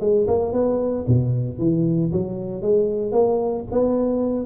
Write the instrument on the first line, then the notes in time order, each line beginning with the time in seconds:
tuba
0.00 G#3
0.27 A#3
0.53 B3
1.07 B2
1.58 E3
2.12 F#3
2.62 G#3
3.12 A#3
3.71 B3